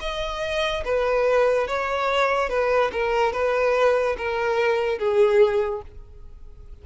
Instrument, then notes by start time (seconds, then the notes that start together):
violin
0.00 D#5
0.84 B4
1.67 C#5
2.49 B4
2.92 A#4
3.32 B4
4.17 A#4
4.98 G#4